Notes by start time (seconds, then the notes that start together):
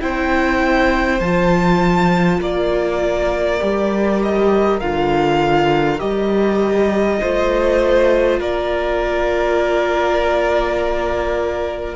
0.00 C4 E4 C5 G5
1.20 F3 F4 A5
2.38 A#3 A#4 D5
3.60 G3 G4
4.22 D#5
4.80 D3 F4 F5
5.99 G3 G4 D#5
7.20 A3 F4 C5
8.39 A#3 A#4 D5